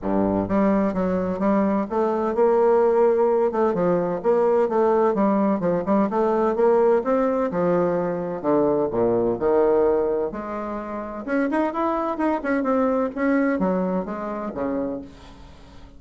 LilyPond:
\new Staff \with { instrumentName = "bassoon" } { \time 4/4 \tempo 4 = 128 g,4 g4 fis4 g4 | a4 ais2~ ais8 a8 | f4 ais4 a4 g4 | f8 g8 a4 ais4 c'4 |
f2 d4 ais,4 | dis2 gis2 | cis'8 dis'8 e'4 dis'8 cis'8 c'4 | cis'4 fis4 gis4 cis4 | }